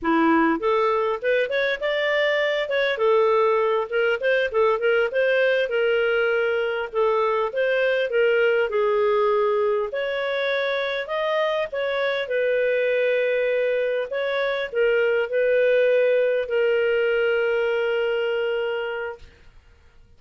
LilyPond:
\new Staff \with { instrumentName = "clarinet" } { \time 4/4 \tempo 4 = 100 e'4 a'4 b'8 cis''8 d''4~ | d''8 cis''8 a'4. ais'8 c''8 a'8 | ais'8 c''4 ais'2 a'8~ | a'8 c''4 ais'4 gis'4.~ |
gis'8 cis''2 dis''4 cis''8~ | cis''8 b'2. cis''8~ | cis''8 ais'4 b'2 ais'8~ | ais'1 | }